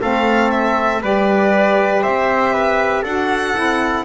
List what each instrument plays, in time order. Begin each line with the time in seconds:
0.00 double bass A3, saxophone C4, trumpet A4, violin F5
0.51 violin E5
1.01 double bass G3, saxophone G4, trumpet B4, violin D5
2.02 double bass C4, trumpet C5, violin E5
2.53 trumpet B4
3.02 double bass D4, saxophone F#4, trumpet A4, violin F#5
3.54 double bass C4, saxophone E4